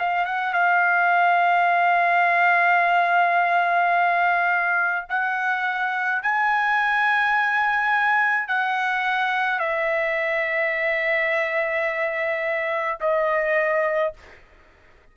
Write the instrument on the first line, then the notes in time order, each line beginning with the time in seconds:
trumpet
0.00 F5
0.26 F#5
0.54 F5
5.10 F#5
6.23 G#5
8.49 F#5
9.60 E5
13.01 D#5